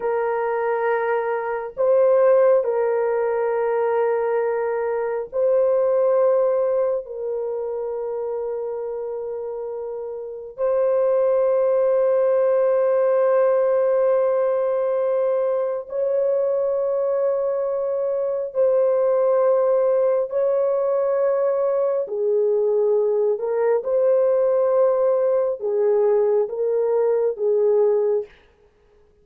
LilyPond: \new Staff \with { instrumentName = "horn" } { \time 4/4 \tempo 4 = 68 ais'2 c''4 ais'4~ | ais'2 c''2 | ais'1 | c''1~ |
c''2 cis''2~ | cis''4 c''2 cis''4~ | cis''4 gis'4. ais'8 c''4~ | c''4 gis'4 ais'4 gis'4 | }